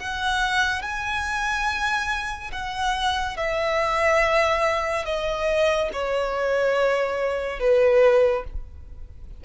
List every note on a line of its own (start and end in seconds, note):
0.00 0.83 F#5
0.83 2.52 G#5
2.53 3.37 F#5
3.37 5.06 E5
5.06 5.90 D#5
5.93 7.60 C#5
7.60 8.45 B4